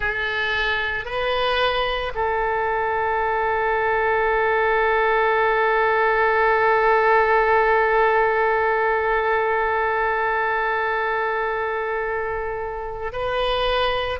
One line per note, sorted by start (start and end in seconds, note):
0.00 1.05 A4
1.05 2.12 B4
2.14 13.12 A4
13.12 14.19 B4